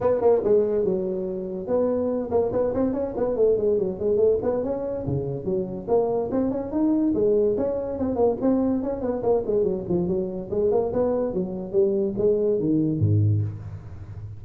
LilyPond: \new Staff \with { instrumentName = "tuba" } { \time 4/4 \tempo 4 = 143 b8 ais8 gis4 fis2 | b4. ais8 b8 c'8 cis'8 b8 | a8 gis8 fis8 gis8 a8 b8 cis'4 | cis4 fis4 ais4 c'8 cis'8 |
dis'4 gis4 cis'4 c'8 ais8 | c'4 cis'8 b8 ais8 gis8 fis8 f8 | fis4 gis8 ais8 b4 fis4 | g4 gis4 dis4 gis,4 | }